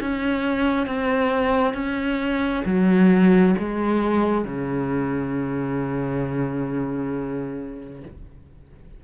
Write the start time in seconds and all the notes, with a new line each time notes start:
0.00 C#4
0.86 C4
1.73 C#4
2.65 F#3
3.58 G#3
4.44 C#3